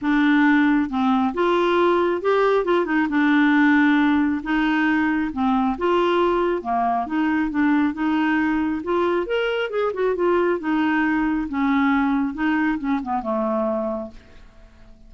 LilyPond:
\new Staff \with { instrumentName = "clarinet" } { \time 4/4 \tempo 4 = 136 d'2 c'4 f'4~ | f'4 g'4 f'8 dis'8 d'4~ | d'2 dis'2 | c'4 f'2 ais4 |
dis'4 d'4 dis'2 | f'4 ais'4 gis'8 fis'8 f'4 | dis'2 cis'2 | dis'4 cis'8 b8 a2 | }